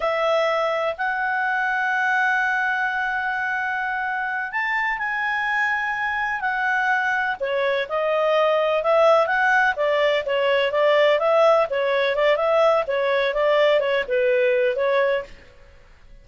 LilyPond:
\new Staff \with { instrumentName = "clarinet" } { \time 4/4 \tempo 4 = 126 e''2 fis''2~ | fis''1~ | fis''4. a''4 gis''4.~ | gis''4. fis''2 cis''8~ |
cis''8 dis''2 e''4 fis''8~ | fis''8 d''4 cis''4 d''4 e''8~ | e''8 cis''4 d''8 e''4 cis''4 | d''4 cis''8 b'4. cis''4 | }